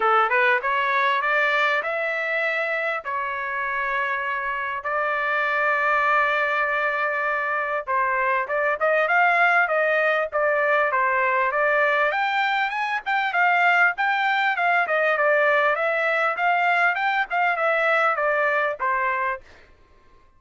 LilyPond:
\new Staff \with { instrumentName = "trumpet" } { \time 4/4 \tempo 4 = 99 a'8 b'8 cis''4 d''4 e''4~ | e''4 cis''2. | d''1~ | d''4 c''4 d''8 dis''8 f''4 |
dis''4 d''4 c''4 d''4 | g''4 gis''8 g''8 f''4 g''4 | f''8 dis''8 d''4 e''4 f''4 | g''8 f''8 e''4 d''4 c''4 | }